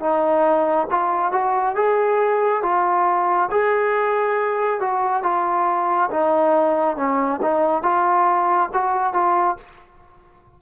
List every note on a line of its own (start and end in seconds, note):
0.00 0.87 D#4
0.91 1.32 F4
1.32 1.75 F#4
1.75 2.62 G#4
2.62 3.49 F4
3.51 4.80 G#4
4.80 5.23 F#4
5.23 6.10 F4
6.11 6.97 D#4
6.97 7.40 C#4
7.42 7.83 D#4
7.83 8.70 F4
8.74 9.13 F#4
9.13 9.57 F4